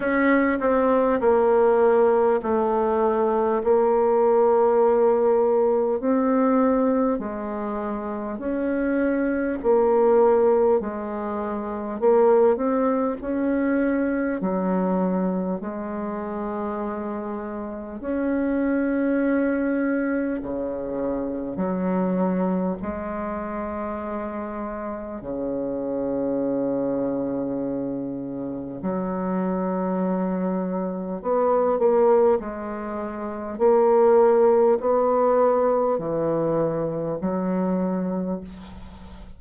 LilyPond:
\new Staff \with { instrumentName = "bassoon" } { \time 4/4 \tempo 4 = 50 cis'8 c'8 ais4 a4 ais4~ | ais4 c'4 gis4 cis'4 | ais4 gis4 ais8 c'8 cis'4 | fis4 gis2 cis'4~ |
cis'4 cis4 fis4 gis4~ | gis4 cis2. | fis2 b8 ais8 gis4 | ais4 b4 e4 fis4 | }